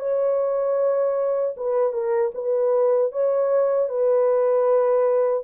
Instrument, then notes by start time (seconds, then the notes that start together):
horn
0.00 C#5
1.57 B4
1.93 A#4
2.35 B4
3.13 C#5
3.89 B4